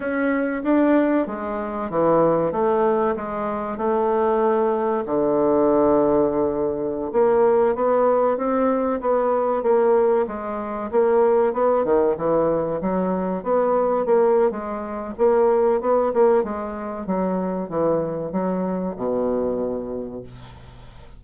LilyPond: \new Staff \with { instrumentName = "bassoon" } { \time 4/4 \tempo 4 = 95 cis'4 d'4 gis4 e4 | a4 gis4 a2 | d2.~ d16 ais8.~ | ais16 b4 c'4 b4 ais8.~ |
ais16 gis4 ais4 b8 dis8 e8.~ | e16 fis4 b4 ais8. gis4 | ais4 b8 ais8 gis4 fis4 | e4 fis4 b,2 | }